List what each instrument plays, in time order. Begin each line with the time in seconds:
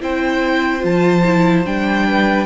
0.00 cello C4, viola E4, violin C5 G5
0.79 cello F3, viola F4, violin A5
1.24 viola E4
1.65 cello G3, viola D4, violin G5
2.07 violin B4